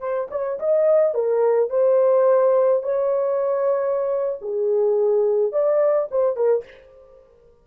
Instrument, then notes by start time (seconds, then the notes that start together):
horn
0.00 C5
0.31 C#5
0.60 D#5
1.14 A#4
1.70 C5
2.83 C#5
4.42 G#4
5.52 D5
6.11 C5
6.36 A#4